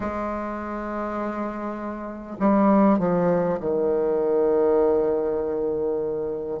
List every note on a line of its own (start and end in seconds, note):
0.00 2.36 G#3
2.39 2.98 G3
2.98 3.58 F3
3.60 6.60 D#3